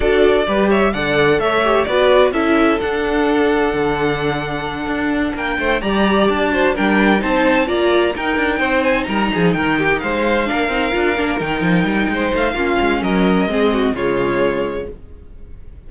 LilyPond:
<<
  \new Staff \with { instrumentName = "violin" } { \time 4/4 \tempo 4 = 129 d''4. e''8 fis''4 e''4 | d''4 e''4 fis''2~ | fis''2.~ fis''8 g''8~ | g''8 ais''4 a''4 g''4 a''8~ |
a''8 ais''4 g''4. gis''8 ais''8~ | ais''8 g''4 f''2~ f''8~ | f''8 g''2 f''4. | dis''2 cis''2 | }
  \new Staff \with { instrumentName = "violin" } { \time 4/4 a'4 b'8 cis''8 d''4 cis''4 | b'4 a'2.~ | a'2.~ a'8 ais'8 | c''8 d''4. c''8 ais'4 c''8~ |
c''8 d''4 ais'4 c''4 ais'8 | gis'8 ais'8 g'8 c''4 ais'4.~ | ais'2 c''4 f'4 | ais'4 gis'8 fis'8 f'2 | }
  \new Staff \with { instrumentName = "viola" } { \time 4/4 fis'4 g'4 a'4. g'8 | fis'4 e'4 d'2~ | d'1~ | d'8 g'4. fis'8 d'4 dis'8~ |
dis'8 f'4 dis'2~ dis'8~ | dis'2~ dis'8 d'8 dis'8 f'8 | d'8 dis'2~ dis'8 cis'4~ | cis'4 c'4 gis2 | }
  \new Staff \with { instrumentName = "cello" } { \time 4/4 d'4 g4 d4 a4 | b4 cis'4 d'2 | d2~ d8 d'4 ais8 | a8 g4 d'4 g4 c'8~ |
c'8 ais4 dis'8 d'8 c'4 g8 | f8 dis4 gis4 ais8 c'8 d'8 | ais8 dis8 f8 g8 gis8 a8 ais8 gis8 | fis4 gis4 cis2 | }
>>